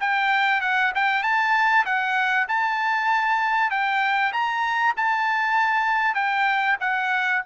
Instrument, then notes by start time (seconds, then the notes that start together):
trumpet
0.00 G5
0.61 F#5
0.95 G5
1.23 A5
1.85 F#5
2.48 A5
3.70 G5
4.32 A#5
4.97 A5
6.15 G5
6.80 F#5